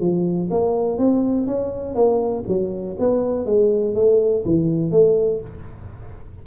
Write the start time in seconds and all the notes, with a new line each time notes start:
0.00 F3
0.51 A#3
0.98 C4
1.47 C#4
1.95 A#3
2.48 F#3
2.99 B3
3.46 G#3
3.95 A3
4.45 E3
4.91 A3